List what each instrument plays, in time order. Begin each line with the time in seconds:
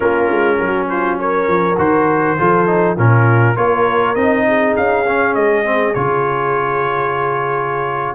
0.00 tuba A#3, trombone C#4, horn F4, trumpet A#4
0.30 tuba G#3
0.59 tuba F#3, horn F#4
0.88 horn F4, trumpet C5
1.19 horn A#4, trumpet C#5
1.47 tuba F3
1.77 tuba D#3, trombone F#4, trumpet C5
2.37 tuba F3, trombone F4, horn A4
2.66 trombone D#4
2.96 tuba A#2, trombone C#4, horn F4, trumpet A#4
3.55 tuba A#3, trombone F4, horn A#4, trumpet C#5
4.15 tuba C4, trombone D#4, trumpet D#5
4.47 horn G#4
4.76 tuba C#4, trumpet F5
5.06 trombone C#4
5.34 tuba G#3, trumpet D#5
5.64 trombone C4
5.94 tuba C#3, trombone F4, trumpet C#5